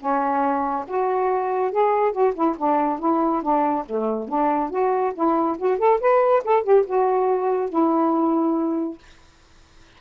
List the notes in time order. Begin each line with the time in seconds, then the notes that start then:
0.00 C#4
0.88 F#4
1.72 G#4
2.12 F#4
2.35 E4
2.58 D4
3.00 E4
3.42 D4
3.86 A3
4.29 D4
4.70 F#4
5.15 E4
5.58 F#4
5.79 A4
6.00 B4
6.44 A4
6.63 G4
6.86 F#4
7.70 E4